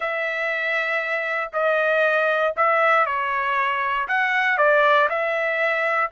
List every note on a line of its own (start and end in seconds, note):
0.00 1.50 E5
1.53 2.54 D#5
2.56 3.06 E5
3.06 4.07 C#5
4.07 4.57 F#5
4.57 5.08 D5
5.09 6.11 E5